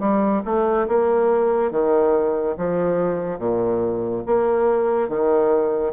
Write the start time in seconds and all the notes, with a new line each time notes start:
0.00 G3
0.45 A3
0.88 A#3
1.71 D#3
2.57 F3
3.38 A#2
4.26 A#3
5.09 D#3